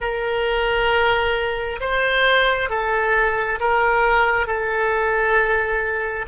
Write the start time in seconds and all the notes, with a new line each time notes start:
0.00 A#4
1.80 C5
2.69 A4
3.59 A#4
4.47 A4